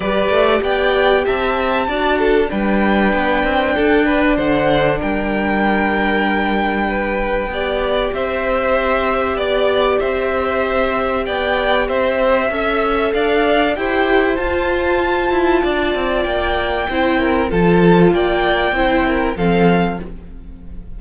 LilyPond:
<<
  \new Staff \with { instrumentName = "violin" } { \time 4/4 \tempo 4 = 96 d''4 g''4 a''2 | g''2. fis''4 | g''1~ | g''4 e''2 d''4 |
e''2 g''4 e''4~ | e''4 f''4 g''4 a''4~ | a''2 g''2 | a''4 g''2 f''4 | }
  \new Staff \with { instrumentName = "violin" } { \time 4/4 b'4 d''4 e''4 d''8 a'8 | b'2 a'8 b'8 c''4 | ais'2. b'4 | d''4 c''2 d''4 |
c''2 d''4 c''4 | e''4 d''4 c''2~ | c''4 d''2 c''8 ais'8 | a'4 d''4 c''8 ais'8 a'4 | }
  \new Staff \with { instrumentName = "viola" } { \time 4/4 g'2. fis'4 | d'1~ | d'1 | g'1~ |
g'1 | a'2 g'4 f'4~ | f'2. e'4 | f'2 e'4 c'4 | }
  \new Staff \with { instrumentName = "cello" } { \time 4/4 g8 a8 b4 c'4 d'4 | g4 b8 c'8 d'4 d4 | g1 | b4 c'2 b4 |
c'2 b4 c'4 | cis'4 d'4 e'4 f'4~ | f'8 e'8 d'8 c'8 ais4 c'4 | f4 ais4 c'4 f4 | }
>>